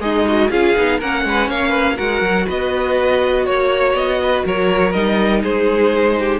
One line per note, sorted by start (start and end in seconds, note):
0.00 0.49 G#3
0.00 0.51 D#4
0.00 0.26 G#4
0.00 0.51 D#5
0.27 0.52 F#4
0.51 0.75 C#4
0.51 0.76 F4
0.51 0.99 G#4
0.51 1.00 F5
0.76 1.02 B3
0.76 1.01 D#4
0.99 1.25 A#3
0.99 1.96 C#4
0.99 1.24 A#4
0.99 1.50 F#5
1.25 1.48 G#3
1.25 1.50 B4
1.48 1.98 A#3
1.48 1.69 C#5
1.48 1.98 F5
1.69 1.94 B4
1.96 2.22 G#3
1.96 4.91 F#4
1.96 2.46 A#4
1.96 2.47 F#5
2.22 2.46 F#3
2.47 3.47 B3
2.47 3.45 B4
2.47 3.46 D#5
3.46 3.94 A#3
3.46 3.95 C#5
3.46 4.20 C#5
3.94 4.43 B3
3.94 4.44 D#5
4.23 4.46 B4
4.46 4.95 F#3
4.46 5.42 A#4
4.46 4.93 C#5
4.93 5.44 G3
4.93 6.40 D#4
4.93 5.42 D#5
5.42 6.40 G#3
5.42 6.16 G#4
5.42 6.40 C5
6.19 6.40 G4